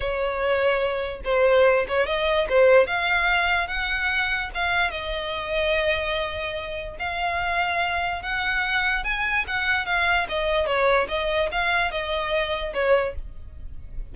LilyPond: \new Staff \with { instrumentName = "violin" } { \time 4/4 \tempo 4 = 146 cis''2. c''4~ | c''8 cis''8 dis''4 c''4 f''4~ | f''4 fis''2 f''4 | dis''1~ |
dis''4 f''2. | fis''2 gis''4 fis''4 | f''4 dis''4 cis''4 dis''4 | f''4 dis''2 cis''4 | }